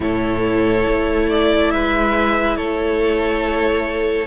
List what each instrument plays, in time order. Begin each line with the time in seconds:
0.00 cello A2, viola E4, violin A4 C#5
0.87 cello A3
1.29 violin D5
1.70 cello G#3, violin B4 E5
2.56 cello A3, violin A4 C#5